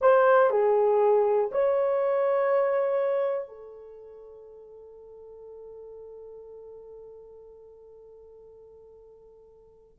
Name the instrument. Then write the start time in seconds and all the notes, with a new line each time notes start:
horn
0.01 C5
0.50 G#4
1.51 C#5
3.48 A4